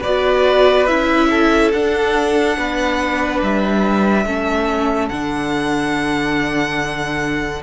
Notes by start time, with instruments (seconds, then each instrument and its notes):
0.00 cello B3, viola F#4, violin B4 D5
0.86 cello C#4, viola E4, violin E5
1.29 violin A4
1.71 cello D4, viola D4, violin F#5
2.57 cello B3, violin B4
3.41 cello G3, violin E5
4.25 cello A3, viola C#4, violin A4
5.08 cello D3, viola D4, violin F#5